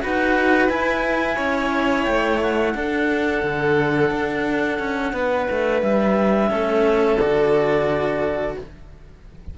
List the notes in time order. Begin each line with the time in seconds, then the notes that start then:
0.00 D#4 F#4 B4 F#5
0.69 E4 G#5
1.35 C#4 C#5
2.04 A3 G5
2.42 F#5
2.74 D4 A4
3.43 D3
4.10 D4
4.78 C#4
5.12 B3 B4
5.50 A3
5.82 G3 E5
6.48 A3 C#4 A4
7.18 D3 F#4 D5